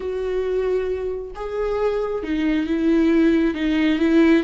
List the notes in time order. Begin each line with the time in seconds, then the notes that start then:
0.00 F#4
1.35 G#4
2.23 D#4
2.66 E4
3.54 D#4
3.98 E4